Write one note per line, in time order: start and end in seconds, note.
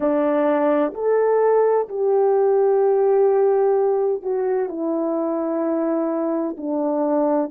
0.00 0.93 D4
0.94 1.87 A4
1.88 4.22 G4
4.22 4.68 F#4
4.68 6.56 E4
6.57 7.50 D4